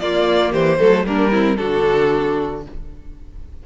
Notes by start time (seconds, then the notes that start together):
0.00 A#3 F4 D5
0.53 E3 G4 C5
0.79 F#3 A3 A4
1.05 G3 A#3 D4 A#4
1.31 C4 E4
1.57 D3 D4 F#4 A4